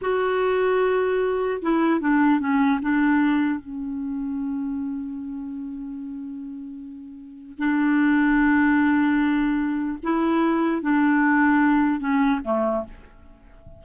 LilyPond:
\new Staff \with { instrumentName = "clarinet" } { \time 4/4 \tempo 4 = 150 fis'1 | e'4 d'4 cis'4 d'4~ | d'4 cis'2.~ | cis'1~ |
cis'2. d'4~ | d'1~ | d'4 e'2 d'4~ | d'2 cis'4 a4 | }